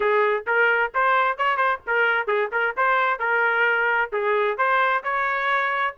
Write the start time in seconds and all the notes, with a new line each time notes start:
0.00 G#4
0.46 A#4
0.94 C5
1.37 C#5
1.57 C5
1.86 A#4
2.27 G#4
2.52 A#4
2.76 C5
3.19 A#4
4.12 G#4
4.57 C5
5.03 C#5